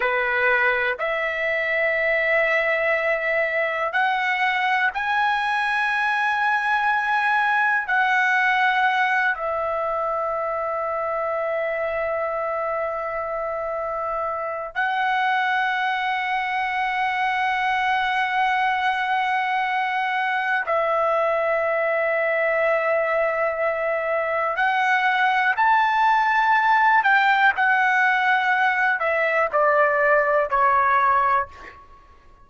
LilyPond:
\new Staff \with { instrumentName = "trumpet" } { \time 4/4 \tempo 4 = 61 b'4 e''2. | fis''4 gis''2. | fis''4. e''2~ e''8~ | e''2. fis''4~ |
fis''1~ | fis''4 e''2.~ | e''4 fis''4 a''4. g''8 | fis''4. e''8 d''4 cis''4 | }